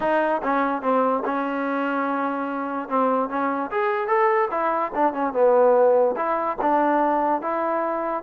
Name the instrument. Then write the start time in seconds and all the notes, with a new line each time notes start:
trombone
0.00 D#4
0.42 C#4
0.82 C4
1.25 C#4
2.88 C4
3.29 C#4
3.70 G#4
4.07 A4
4.50 E4
4.94 D4
5.13 C#4
5.33 B3
6.16 E4
6.61 D4
7.41 E4